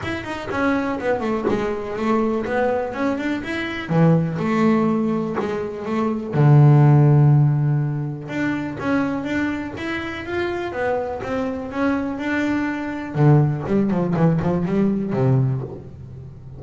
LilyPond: \new Staff \with { instrumentName = "double bass" } { \time 4/4 \tempo 4 = 123 e'8 dis'8 cis'4 b8 a8 gis4 | a4 b4 cis'8 d'8 e'4 | e4 a2 gis4 | a4 d2.~ |
d4 d'4 cis'4 d'4 | e'4 f'4 b4 c'4 | cis'4 d'2 d4 | g8 f8 e8 f8 g4 c4 | }